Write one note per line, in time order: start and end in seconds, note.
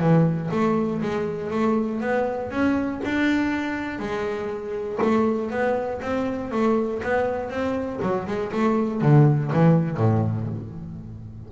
0.00 0.50 E3
0.51 1.01 A3
1.02 1.51 G#3
1.51 2.01 A3
2.01 2.51 B3
2.51 3.01 C#4
3.05 3.99 D4
3.99 4.99 G#3
5.02 5.51 A3
5.51 6.01 B3
6.02 6.52 C4
6.52 7.02 A3
7.03 7.50 B3
7.50 8.00 C4
8.02 8.27 F#3
8.27 8.52 G#3
8.53 9.02 A3
9.02 9.52 D3
9.53 9.98 E3
9.98 10.48 A2